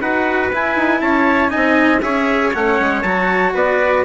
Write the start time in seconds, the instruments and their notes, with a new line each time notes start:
0.00 bassoon D#4, cello F#4, trumpet B4 F#5
0.52 cello E4, bassoon E4, trumpet G#5
0.75 bassoon D#4
1.01 bassoon C#4, trumpet C#5 A5
1.48 cello D#4, trumpet D#5 G#5
1.55 bassoon C4
2.01 bassoon C#4, cello G#4, trumpet C#5 E5
2.53 bassoon A3, cello C#4, trumpet F#5
2.79 bassoon G#3
3.02 bassoon F#3, cello F#4, trumpet A5
3.54 bassoon B3, trumpet B4 D5